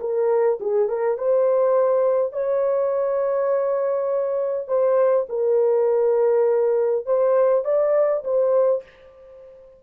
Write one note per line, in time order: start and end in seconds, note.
0.00 0.59 A#4
0.60 0.89 G#4
0.89 1.18 A#4
1.18 2.33 C5
2.33 4.68 C#5
4.68 5.27 C5
5.29 7.06 A#4
7.06 7.64 C5
7.65 8.24 D5
8.24 8.83 C5